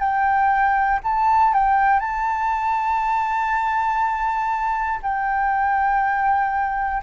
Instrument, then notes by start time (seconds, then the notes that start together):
flute
0.00 G5
1.04 A5
1.54 G5
2.00 A5
5.03 G5